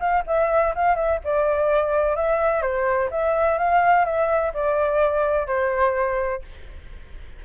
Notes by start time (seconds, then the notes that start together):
0.00 F5
0.27 E5
0.75 F5
0.96 E5
1.24 D5
2.16 E5
2.62 C5
3.11 E5
3.58 F5
4.05 E5
4.54 D5
5.47 C5